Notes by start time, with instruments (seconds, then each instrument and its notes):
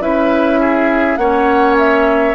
0.00 bassoon C#4, clarinet E4, oboe B4, flute E5
0.60 oboe G#4
1.17 bassoon A#3, clarinet C#4, oboe C#5, flute F#5
1.78 flute E5